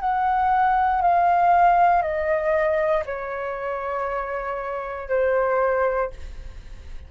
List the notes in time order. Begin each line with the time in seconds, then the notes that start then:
0.00 F#5
1.02 F5
2.02 D#5
3.06 C#5
5.09 C5